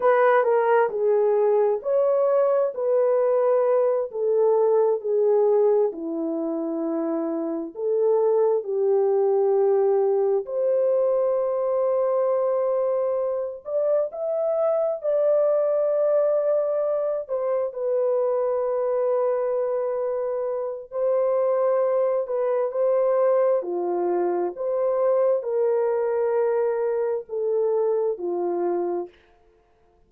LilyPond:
\new Staff \with { instrumentName = "horn" } { \time 4/4 \tempo 4 = 66 b'8 ais'8 gis'4 cis''4 b'4~ | b'8 a'4 gis'4 e'4.~ | e'8 a'4 g'2 c''8~ | c''2. d''8 e''8~ |
e''8 d''2~ d''8 c''8 b'8~ | b'2. c''4~ | c''8 b'8 c''4 f'4 c''4 | ais'2 a'4 f'4 | }